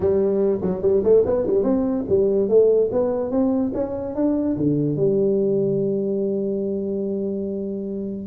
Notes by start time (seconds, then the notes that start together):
0.00 G3
0.61 F#3
0.82 G3
1.03 A3
1.25 B3
1.47 G3
1.63 C4
2.08 G3
2.48 A3
2.92 B3
3.30 C4
3.74 C#4
4.15 D4
4.56 D3
4.96 G3